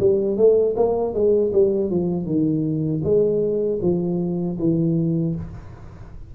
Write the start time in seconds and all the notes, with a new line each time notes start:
0.00 G3
0.37 A3
0.77 A#3
1.14 G#3
1.53 G3
1.90 F3
2.26 D#3
3.04 G#3
3.82 F3
4.59 E3